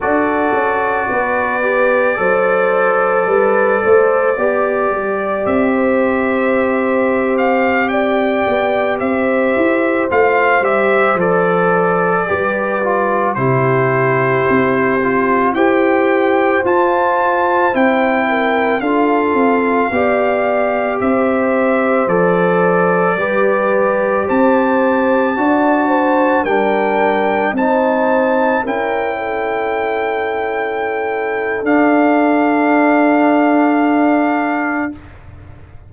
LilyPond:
<<
  \new Staff \with { instrumentName = "trumpet" } { \time 4/4 \tempo 4 = 55 d''1~ | d''4 e''4.~ e''16 f''8 g''8.~ | g''16 e''4 f''8 e''8 d''4.~ d''16~ | d''16 c''2 g''4 a''8.~ |
a''16 g''4 f''2 e''8.~ | e''16 d''2 a''4.~ a''16~ | a''16 g''4 a''4 g''4.~ g''16~ | g''4 f''2. | }
  \new Staff \with { instrumentName = "horn" } { \time 4/4 a'4 b'4 c''4 b'8 c''8 | d''4~ d''16 c''2 d''8.~ | d''16 c''2. b'8.~ | b'16 g'2 c''4.~ c''16~ |
c''8. ais'8 a'4 d''4 c''8.~ | c''4~ c''16 b'4 c''4 d''8 c''16~ | c''16 ais'4 c''4 ais'8 a'4~ a'16~ | a'1 | }
  \new Staff \with { instrumentName = "trombone" } { \time 4/4 fis'4. g'8 a'2 | g'1~ | g'4~ g'16 f'8 g'8 a'4 g'8 f'16~ | f'16 e'4. f'8 g'4 f'8.~ |
f'16 e'4 f'4 g'4.~ g'16~ | g'16 a'4 g'2 fis'8.~ | fis'16 d'4 dis'4 e'4.~ e'16~ | e'4 d'2. | }
  \new Staff \with { instrumentName = "tuba" } { \time 4/4 d'8 cis'8 b4 fis4 g8 a8 | b8 g8 c'2~ c'8. b16~ | b16 c'8 e'8 a8 g8 f4 g8.~ | g16 c4 c'4 e'4 f'8.~ |
f'16 c'4 d'8 c'8 b4 c'8.~ | c'16 f4 g4 c'4 d'8.~ | d'16 g4 c'4 cis'4.~ cis'16~ | cis'4 d'2. | }
>>